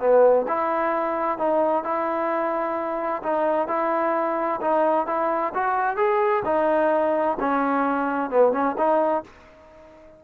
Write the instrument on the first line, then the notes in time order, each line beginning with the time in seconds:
trombone
0.00 B3
0.48 E4
1.39 D#4
1.84 E4
3.23 D#4
3.68 E4
4.62 D#4
5.07 E4
5.54 F#4
5.97 G#4
6.46 D#4
7.40 C#4
8.31 B3
8.53 C#4
8.78 D#4